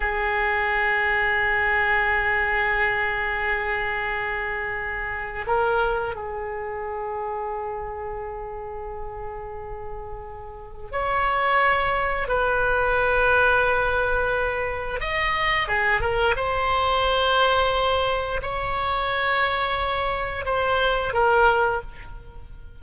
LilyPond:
\new Staff \with { instrumentName = "oboe" } { \time 4/4 \tempo 4 = 88 gis'1~ | gis'1 | ais'4 gis'2.~ | gis'1 |
cis''2 b'2~ | b'2 dis''4 gis'8 ais'8 | c''2. cis''4~ | cis''2 c''4 ais'4 | }